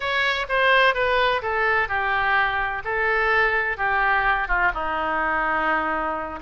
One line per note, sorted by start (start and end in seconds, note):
0.00 0.46 C#5
0.48 0.94 C5
0.94 1.41 B4
1.42 1.88 A4
1.88 2.82 G4
2.84 3.77 A4
3.77 4.48 G4
4.48 4.71 F4
4.74 6.39 D#4